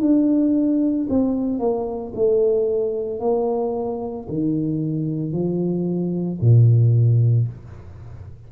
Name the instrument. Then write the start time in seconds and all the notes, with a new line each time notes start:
tuba
0.00 D4
1.10 C4
1.59 A#3
2.15 A3
3.20 A#3
4.29 D#3
5.32 F3
6.41 A#2